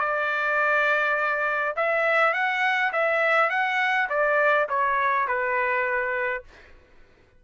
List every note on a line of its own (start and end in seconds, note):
0.00 1.75 D5
1.76 2.34 E5
2.34 2.92 F#5
2.93 3.50 E5
3.50 4.09 F#5
4.10 4.68 D5
4.69 5.28 C#5
5.28 6.44 B4